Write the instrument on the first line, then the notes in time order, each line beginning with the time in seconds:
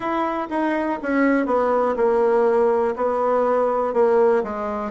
bassoon
0.00 E4
0.50 D#4
1.02 C#4
1.46 B3
1.96 A#3
2.96 B3
3.93 A#3
4.43 G#3